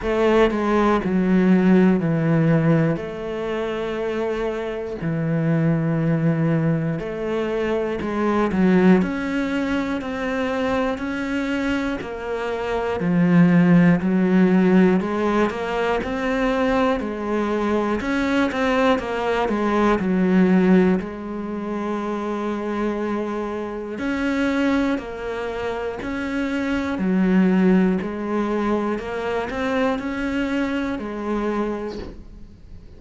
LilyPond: \new Staff \with { instrumentName = "cello" } { \time 4/4 \tempo 4 = 60 a8 gis8 fis4 e4 a4~ | a4 e2 a4 | gis8 fis8 cis'4 c'4 cis'4 | ais4 f4 fis4 gis8 ais8 |
c'4 gis4 cis'8 c'8 ais8 gis8 | fis4 gis2. | cis'4 ais4 cis'4 fis4 | gis4 ais8 c'8 cis'4 gis4 | }